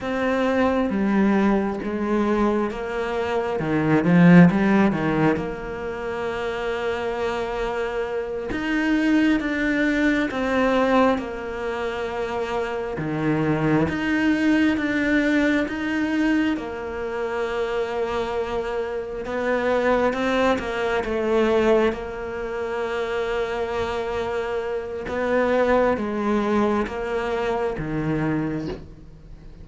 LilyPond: \new Staff \with { instrumentName = "cello" } { \time 4/4 \tempo 4 = 67 c'4 g4 gis4 ais4 | dis8 f8 g8 dis8 ais2~ | ais4. dis'4 d'4 c'8~ | c'8 ais2 dis4 dis'8~ |
dis'8 d'4 dis'4 ais4.~ | ais4. b4 c'8 ais8 a8~ | a8 ais2.~ ais8 | b4 gis4 ais4 dis4 | }